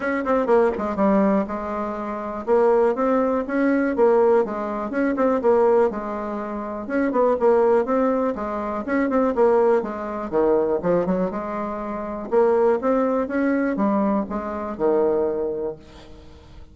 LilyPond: \new Staff \with { instrumentName = "bassoon" } { \time 4/4 \tempo 4 = 122 cis'8 c'8 ais8 gis8 g4 gis4~ | gis4 ais4 c'4 cis'4 | ais4 gis4 cis'8 c'8 ais4 | gis2 cis'8 b8 ais4 |
c'4 gis4 cis'8 c'8 ais4 | gis4 dis4 f8 fis8 gis4~ | gis4 ais4 c'4 cis'4 | g4 gis4 dis2 | }